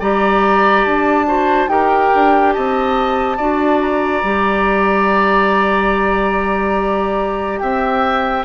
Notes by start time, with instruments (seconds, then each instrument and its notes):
0.00 bassoon G3, clarinet G4, oboe D5, flute A#5
0.85 bassoon D4, flute A5
1.26 clarinet F#4, oboe C5
1.68 bassoon D#4, clarinet G4, oboe A#4, flute G5
2.15 bassoon D4
2.53 bassoon C4, oboe D#5, flute A5
3.37 bassoon D4, clarinet F#4, oboe D5
3.81 flute A#5
4.23 bassoon G3, clarinet G4
7.60 bassoon C4, oboe E5, flute G5